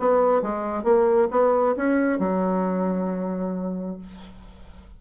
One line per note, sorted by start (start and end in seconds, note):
0.00 0.42 B3
0.42 0.84 G#3
0.84 1.29 A#3
1.31 1.76 B3
1.77 2.20 C#4
2.20 3.99 F#3